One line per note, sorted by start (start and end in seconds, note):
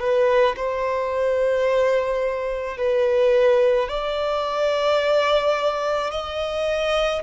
0.00 0.56 B4
0.56 2.77 C5
2.77 3.88 B4
3.89 6.11 D5
6.11 7.22 D#5